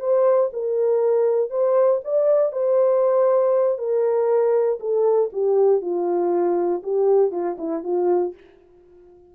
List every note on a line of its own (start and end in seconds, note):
0.00 0.50 C5
0.53 1.50 A#4
1.50 2.01 C5
2.04 2.52 D5
2.52 3.78 C5
3.78 4.79 A#4
4.80 5.30 A4
5.33 5.81 G4
5.81 6.82 F4
6.83 7.31 G4
7.31 7.57 F4
7.58 7.83 E4
7.83 8.34 F4